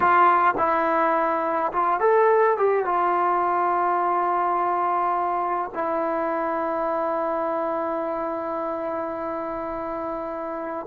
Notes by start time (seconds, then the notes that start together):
0.00 F4
0.57 E4
1.72 F4
2.00 A4
2.57 G4
2.85 F4
5.74 E4